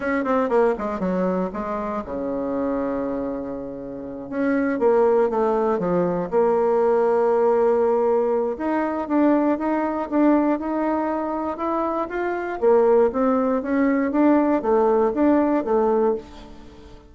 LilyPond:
\new Staff \with { instrumentName = "bassoon" } { \time 4/4 \tempo 4 = 119 cis'8 c'8 ais8 gis8 fis4 gis4 | cis1~ | cis8 cis'4 ais4 a4 f8~ | f8 ais2.~ ais8~ |
ais4 dis'4 d'4 dis'4 | d'4 dis'2 e'4 | f'4 ais4 c'4 cis'4 | d'4 a4 d'4 a4 | }